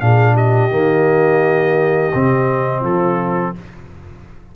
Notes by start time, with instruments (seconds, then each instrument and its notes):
0.00 tuba A#2, trombone D4, horn G#4, trumpet F5
0.33 horn G4, trumpet D#5
0.71 tuba D#3, trombone A#3
2.14 tuba C3, trombone C4
2.80 tuba F3, horn F4, trumpet A4